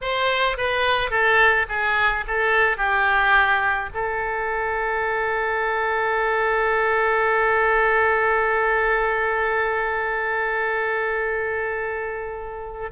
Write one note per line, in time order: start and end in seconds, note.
0.01 0.57 C5
0.57 1.10 B4
1.10 1.66 A4
1.68 2.24 G#4
2.27 2.77 A4
2.77 3.89 G4
3.94 12.91 A4